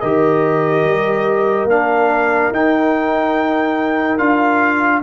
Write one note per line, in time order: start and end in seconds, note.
0.00 0.84 D#3
0.00 1.69 G4
0.00 5.01 A#4
0.00 1.67 D#5
0.84 1.64 G3
1.64 2.48 A#3
1.64 2.52 D4
1.64 2.53 F5
2.51 4.18 D#4
2.51 4.18 G5
4.18 5.02 D4
4.18 5.02 F4
4.18 5.01 F5